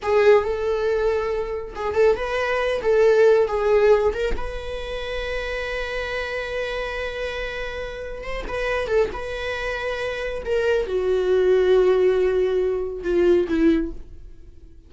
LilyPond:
\new Staff \with { instrumentName = "viola" } { \time 4/4 \tempo 4 = 138 gis'4 a'2. | gis'8 a'8 b'4. a'4. | gis'4. ais'8 b'2~ | b'1~ |
b'2. c''8 b'8~ | b'8 a'8 b'2. | ais'4 fis'2.~ | fis'2 f'4 e'4 | }